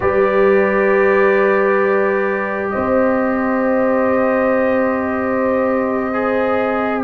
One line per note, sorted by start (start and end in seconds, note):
0.00 2.74 G3
0.00 6.13 G4
0.00 2.71 B4
0.00 2.69 D5
2.69 7.03 C4
2.69 7.03 C5
2.69 7.01 D#5
6.13 7.03 G#4